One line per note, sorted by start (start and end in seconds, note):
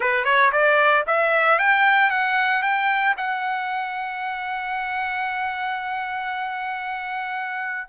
0.00 0.24 B4
0.24 0.50 C#5
0.52 1.04 D5
1.06 1.58 E5
1.58 2.10 G5
2.10 2.62 F#5
2.62 3.15 G5
3.17 7.88 F#5